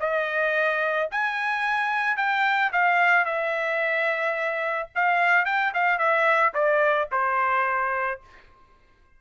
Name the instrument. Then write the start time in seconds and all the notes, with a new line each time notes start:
trumpet
0.00 D#5
1.11 G#5
2.17 G5
2.72 F5
3.25 E5
4.95 F5
5.45 G5
5.74 F5
5.98 E5
6.54 D5
7.11 C5